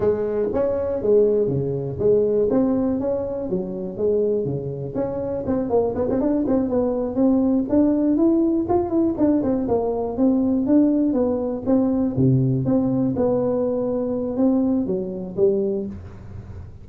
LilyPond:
\new Staff \with { instrumentName = "tuba" } { \time 4/4 \tempo 4 = 121 gis4 cis'4 gis4 cis4 | gis4 c'4 cis'4 fis4 | gis4 cis4 cis'4 c'8 ais8 | b16 c'16 d'8 c'8 b4 c'4 d'8~ |
d'8 e'4 f'8 e'8 d'8 c'8 ais8~ | ais8 c'4 d'4 b4 c'8~ | c'8 c4 c'4 b4.~ | b4 c'4 fis4 g4 | }